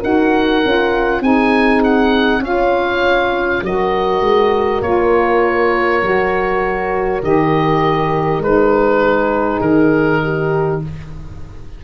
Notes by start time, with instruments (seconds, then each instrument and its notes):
0.00 tuba D#4, saxophone F#4, horn A#4, oboe F#5
0.64 tuba C#4, saxophone F4
1.21 tuba C4, saxophone D#4, horn G#4, oboe G#5
1.84 oboe F#5
2.40 tuba C#4, saxophone F4, horn C#5, oboe F5
3.62 tuba F#3, saxophone F#4, horn A#4, oboe D#5
4.21 tuba G#3
4.82 tuba A#3, saxophone F4, oboe C#5
6.02 tuba F#3, saxophone F#4
7.22 tuba D#3, saxophone G4, oboe D#5
8.39 tuba G#3, saxophone D#4, oboe B4
9.02 horn G#4
9.61 tuba D#3, oboe A#4
10.23 horn G4